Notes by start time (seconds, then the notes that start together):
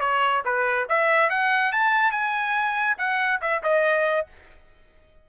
0.00 C#5
0.45 B4
0.89 E5
1.30 F#5
1.72 A5
2.11 G#5
2.97 F#5
3.41 E5
3.63 D#5